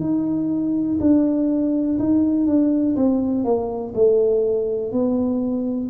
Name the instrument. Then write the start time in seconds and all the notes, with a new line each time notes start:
tuba
0.00 D#4
1.00 D4
1.99 D#4
2.46 D4
2.96 C4
3.44 A#3
3.95 A3
4.92 B3